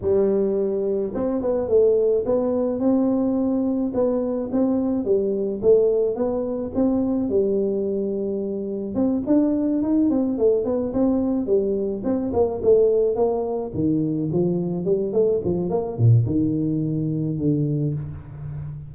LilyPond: \new Staff \with { instrumentName = "tuba" } { \time 4/4 \tempo 4 = 107 g2 c'8 b8 a4 | b4 c'2 b4 | c'4 g4 a4 b4 | c'4 g2. |
c'8 d'4 dis'8 c'8 a8 b8 c'8~ | c'8 g4 c'8 ais8 a4 ais8~ | ais8 dis4 f4 g8 a8 f8 | ais8 ais,8 dis2 d4 | }